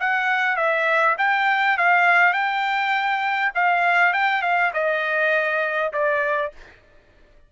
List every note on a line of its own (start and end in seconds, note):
0.00 0.57 F#5
0.57 1.16 E5
1.18 1.78 G5
1.78 2.33 F5
2.33 3.52 G5
3.55 4.13 F5
4.13 4.42 G5
4.42 4.72 F5
4.74 5.93 D#5
5.93 6.52 D5